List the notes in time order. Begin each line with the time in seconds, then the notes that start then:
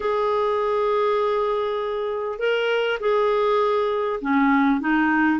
0.00 G#4
2.38 A#4
2.99 G#4
4.21 C#4
4.80 D#4